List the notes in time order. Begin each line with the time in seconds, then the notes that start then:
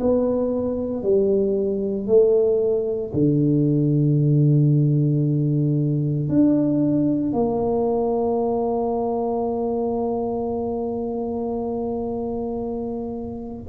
0.00 B3
1.03 G3
2.07 A3
3.14 D3
6.29 D4
7.33 A#3